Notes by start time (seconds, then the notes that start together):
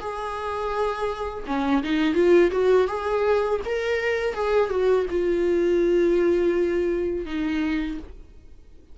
0.00 G#4
1.47 C#4
1.83 D#4
2.15 F4
2.52 F#4
2.88 G#4
3.66 A#4
4.34 G#4
4.71 F#4
5.11 F4
7.26 D#4